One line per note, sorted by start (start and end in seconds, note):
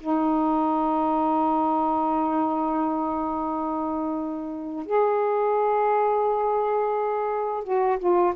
0.00 4.86 D#4
4.86 7.64 G#4
7.64 7.99 F#4
7.99 8.33 F4